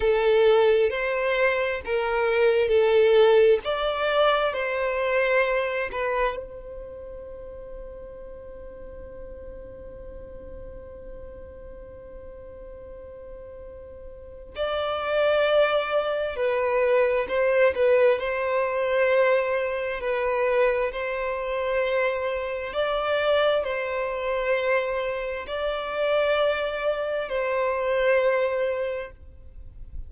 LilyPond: \new Staff \with { instrumentName = "violin" } { \time 4/4 \tempo 4 = 66 a'4 c''4 ais'4 a'4 | d''4 c''4. b'8 c''4~ | c''1~ | c''1 |
d''2 b'4 c''8 b'8 | c''2 b'4 c''4~ | c''4 d''4 c''2 | d''2 c''2 | }